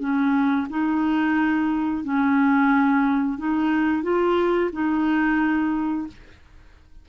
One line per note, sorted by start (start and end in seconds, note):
0.00 0.67 C#4
0.70 2.04 D#4
2.04 3.38 C#4
3.38 4.03 D#4
4.03 4.71 F4
4.73 6.08 D#4